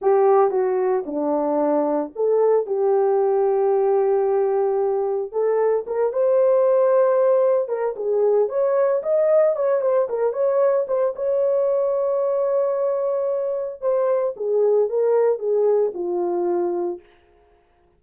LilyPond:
\new Staff \with { instrumentName = "horn" } { \time 4/4 \tempo 4 = 113 g'4 fis'4 d'2 | a'4 g'2.~ | g'2 a'4 ais'8 c''8~ | c''2~ c''8 ais'8 gis'4 |
cis''4 dis''4 cis''8 c''8 ais'8 cis''8~ | cis''8 c''8 cis''2.~ | cis''2 c''4 gis'4 | ais'4 gis'4 f'2 | }